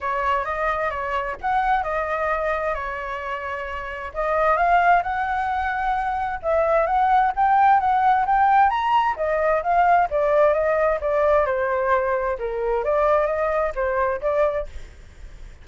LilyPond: \new Staff \with { instrumentName = "flute" } { \time 4/4 \tempo 4 = 131 cis''4 dis''4 cis''4 fis''4 | dis''2 cis''2~ | cis''4 dis''4 f''4 fis''4~ | fis''2 e''4 fis''4 |
g''4 fis''4 g''4 ais''4 | dis''4 f''4 d''4 dis''4 | d''4 c''2 ais'4 | d''4 dis''4 c''4 d''4 | }